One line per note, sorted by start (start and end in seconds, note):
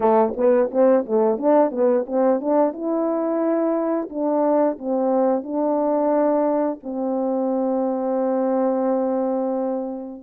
0.00 0.33 A3
0.36 0.70 B3
0.71 1.05 C4
1.05 1.38 A3
1.38 1.71 D4
1.71 2.05 B3
2.06 2.40 C4
2.40 2.72 D4
2.72 4.09 E4
4.09 4.78 D4
4.78 5.43 C4
5.43 6.79 D4
6.83 10.22 C4